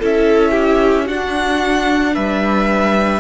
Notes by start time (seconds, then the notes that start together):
0.00 C#4 E4 A4 E5
0.51 G4
1.06 D4 F#4 F#5
2.14 G3 B4 E5